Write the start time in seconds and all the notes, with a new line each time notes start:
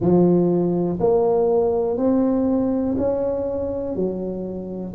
0.00 F3
1.00 A#3
1.97 C4
2.97 C#4
3.95 F#3